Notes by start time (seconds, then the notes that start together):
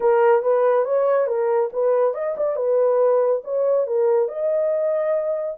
0.00 A#4
0.42 B4
0.85 C#5
1.26 A#4
1.73 B4
2.14 D#5
2.37 D5
2.56 B4
3.44 C#5
3.86 A#4
4.28 D#5